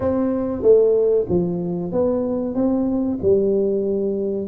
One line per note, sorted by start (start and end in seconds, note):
0.00 0.62 C4
0.62 1.25 A3
1.28 1.92 F3
1.92 2.54 B3
2.54 3.18 C4
3.21 4.47 G3